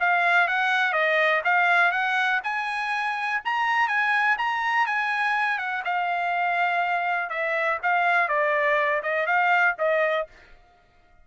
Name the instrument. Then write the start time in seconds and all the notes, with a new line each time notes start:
trumpet
0.00 F5
0.47 F#5
0.93 D#5
1.44 F5
1.91 F#5
2.43 G#5
3.45 A#5
3.88 G#5
4.38 A#5
4.86 G#5
5.59 F#5
5.84 F5
7.30 E5
7.83 F5
8.28 D5
9.03 D#5
9.26 F5
9.78 D#5